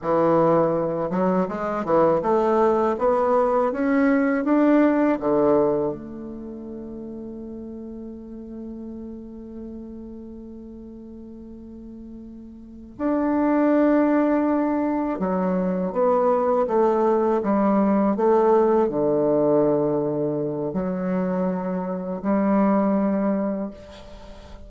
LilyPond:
\new Staff \with { instrumentName = "bassoon" } { \time 4/4 \tempo 4 = 81 e4. fis8 gis8 e8 a4 | b4 cis'4 d'4 d4 | a1~ | a1~ |
a4. d'2~ d'8~ | d'8 fis4 b4 a4 g8~ | g8 a4 d2~ d8 | fis2 g2 | }